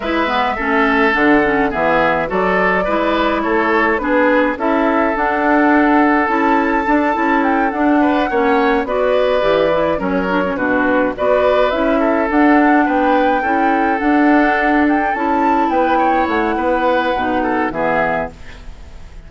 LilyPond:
<<
  \new Staff \with { instrumentName = "flute" } { \time 4/4 \tempo 4 = 105 e''2 fis''4 e''4 | d''2 cis''4 b'4 | e''4 fis''2 a''4~ | a''4 g''8 fis''2 d''8~ |
d''4. cis''4 b'4 d''8~ | d''8 e''4 fis''4 g''4.~ | g''8 fis''4. g''8 a''4 g''8~ | g''8 fis''2~ fis''8 e''4 | }
  \new Staff \with { instrumentName = "oboe" } { \time 4/4 b'4 a'2 gis'4 | a'4 b'4 a'4 gis'4 | a'1~ | a'2 b'8 cis''4 b'8~ |
b'4. ais'4 fis'4 b'8~ | b'4 a'4. b'4 a'8~ | a'2.~ a'8 b'8 | cis''4 b'4. a'8 gis'4 | }
  \new Staff \with { instrumentName = "clarinet" } { \time 4/4 e'8 b8 cis'4 d'8 cis'8 b4 | fis'4 e'2 d'4 | e'4 d'2 e'4 | d'8 e'4 d'4 cis'4 fis'8~ |
fis'8 g'8 e'8 cis'8 d'16 cis'16 d'4 fis'8~ | fis'8 e'4 d'2 e'8~ | e'8 d'2 e'4.~ | e'2 dis'4 b4 | }
  \new Staff \with { instrumentName = "bassoon" } { \time 4/4 gis4 a4 d4 e4 | fis4 gis4 a4 b4 | cis'4 d'2 cis'4 | d'8 cis'4 d'4 ais4 b8~ |
b8 e4 fis4 b,4 b8~ | b8 cis'4 d'4 b4 cis'8~ | cis'8 d'2 cis'4 b8~ | b8 a8 b4 b,4 e4 | }
>>